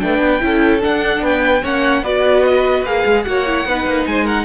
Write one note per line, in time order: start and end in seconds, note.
0.00 0.19 A3
0.00 0.41 D4
0.00 0.45 B4
0.00 0.81 G5
0.19 0.40 B3
0.41 0.83 C#4
0.41 0.81 E4
0.41 1.22 A4
0.81 1.62 D4
0.81 1.22 D4
0.81 1.24 F#5
1.22 1.62 B3
1.22 1.63 B4
1.22 1.65 G5
1.63 2.03 A#3
1.63 2.04 C#4
1.63 2.03 C#5
1.63 2.04 F#5
2.03 2.84 B3
2.03 2.86 F#4
2.03 3.25 B4
2.03 2.44 D5
2.44 2.85 D#5
2.84 3.04 A#3
2.84 3.26 G#4
2.84 3.24 F5
3.06 3.26 G#3
3.24 3.65 A#3
3.24 3.46 F#4
3.24 3.68 C#5
3.24 4.05 F#5
3.46 3.67 E4
3.65 3.85 B3
3.65 4.46 D#4
3.65 4.09 B4
3.86 4.06 A#3
4.07 4.46 G#3
4.07 4.24 C5
4.07 4.27 G#5
4.24 4.45 A#4
4.24 4.46 F#5